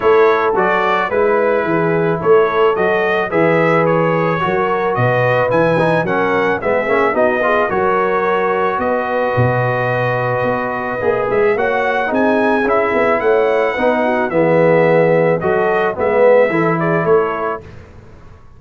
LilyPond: <<
  \new Staff \with { instrumentName = "trumpet" } { \time 4/4 \tempo 4 = 109 cis''4 d''4 b'2 | cis''4 dis''4 e''4 cis''4~ | cis''4 dis''4 gis''4 fis''4 | e''4 dis''4 cis''2 |
dis''1~ | dis''8 e''8 fis''4 gis''4 e''4 | fis''2 e''2 | dis''4 e''4. d''8 cis''4 | }
  \new Staff \with { instrumentName = "horn" } { \time 4/4 a'2 b'4 gis'4 | a'2 b'2 | ais'4 b'2 ais'4 | gis'4 fis'8 gis'8 ais'2 |
b'1~ | b'4 cis''4 gis'2 | cis''4 b'8 fis'8 gis'2 | a'4 b'4 a'8 gis'8 a'4 | }
  \new Staff \with { instrumentName = "trombone" } { \time 4/4 e'4 fis'4 e'2~ | e'4 fis'4 gis'2 | fis'2 e'8 dis'8 cis'4 | b8 cis'8 dis'8 f'8 fis'2~ |
fis'1 | gis'4 fis'4 dis'4 e'4~ | e'4 dis'4 b2 | fis'4 b4 e'2 | }
  \new Staff \with { instrumentName = "tuba" } { \time 4/4 a4 fis4 gis4 e4 | a4 fis4 e2 | fis4 b,4 e4 fis4 | gis8 ais8 b4 fis2 |
b4 b,2 b4 | ais8 gis8 ais4 c'4 cis'8 b8 | a4 b4 e2 | fis4 gis4 e4 a4 | }
>>